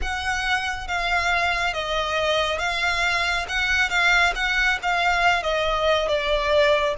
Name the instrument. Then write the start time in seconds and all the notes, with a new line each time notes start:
violin
0.01 F#5
0.87 F5
1.74 D#5
2.58 F5
3.48 F#5
3.89 F5
4.35 F#5
4.82 F5
5.43 D#5
6.08 D5